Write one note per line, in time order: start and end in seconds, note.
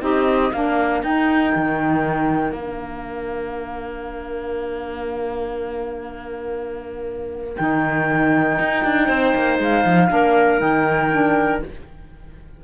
0.00 0.51 C4
0.00 0.50 D#4
0.00 0.52 G4
0.00 0.52 D#5
0.52 1.03 A#3
0.52 1.04 D4
0.52 9.06 A#4
0.52 1.03 F5
1.03 1.53 D#4
1.03 2.54 D#4
1.03 2.52 G5
1.55 2.52 D#3
2.52 7.56 A#3
2.52 7.57 D4
2.52 7.55 F5
7.55 8.59 D#3
7.55 10.09 D#4
7.55 9.57 G5
8.59 8.84 D#4
8.84 9.08 D4
9.06 9.33 C4
9.06 10.07 C5
9.35 9.59 A#3
9.59 9.84 G#3
9.59 10.60 F5
9.84 10.10 F3
10.09 10.61 A#3
10.09 10.59 D4
10.09 11.63 A#4
10.59 11.62 D#3
10.59 11.09 D#4
10.59 11.61 G5
11.12 11.62 D4